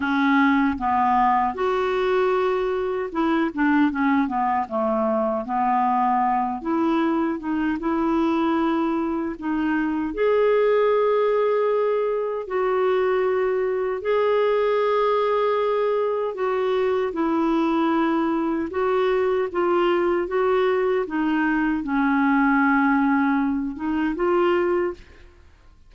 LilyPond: \new Staff \with { instrumentName = "clarinet" } { \time 4/4 \tempo 4 = 77 cis'4 b4 fis'2 | e'8 d'8 cis'8 b8 a4 b4~ | b8 e'4 dis'8 e'2 | dis'4 gis'2. |
fis'2 gis'2~ | gis'4 fis'4 e'2 | fis'4 f'4 fis'4 dis'4 | cis'2~ cis'8 dis'8 f'4 | }